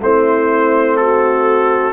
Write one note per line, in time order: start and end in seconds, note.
0.00 1.93 A3
0.00 1.93 C4
0.00 0.99 E4
0.00 0.97 C5
0.97 1.93 F#4
0.97 1.93 A4